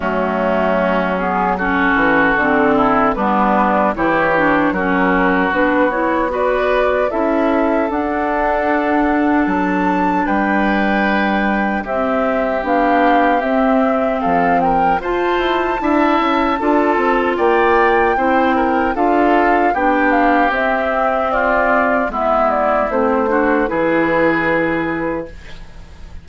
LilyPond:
<<
  \new Staff \with { instrumentName = "flute" } { \time 4/4 \tempo 4 = 76 fis'4. gis'8 a'2 | b'4 cis''4 ais'4 b'8 cis''8 | d''4 e''4 fis''2 | a''4 g''2 e''4 |
f''4 e''4 f''8 g''8 a''4~ | a''2 g''2 | f''4 g''8 f''8 e''4 d''4 | e''8 d''8 c''4 b'2 | }
  \new Staff \with { instrumentName = "oboe" } { \time 4/4 cis'2 fis'4. e'8 | d'4 g'4 fis'2 | b'4 a'2.~ | a'4 b'2 g'4~ |
g'2 a'8 ais'8 c''4 | e''4 a'4 d''4 c''8 ais'8 | a'4 g'2 f'4 | e'4. fis'8 gis'2 | }
  \new Staff \with { instrumentName = "clarinet" } { \time 4/4 a4. b8 cis'4 c'4 | b4 e'8 d'8 cis'4 d'8 e'8 | fis'4 e'4 d'2~ | d'2. c'4 |
d'4 c'2 f'4 | e'4 f'2 e'4 | f'4 d'4 c'2 | b4 c'8 d'8 e'2 | }
  \new Staff \with { instrumentName = "bassoon" } { \time 4/4 fis2~ fis8 e8 d4 | g4 e4 fis4 b4~ | b4 cis'4 d'2 | fis4 g2 c'4 |
b4 c'4 f4 f'8 e'8 | d'8 cis'8 d'8 c'8 ais4 c'4 | d'4 b4 c'2 | gis4 a4 e2 | }
>>